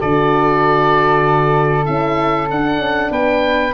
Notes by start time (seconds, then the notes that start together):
0.00 D3 F#4 A4 D5
1.85 C#4 E4 E5
2.50 D4 F#5
2.79 C#4
3.11 B3 B4 G5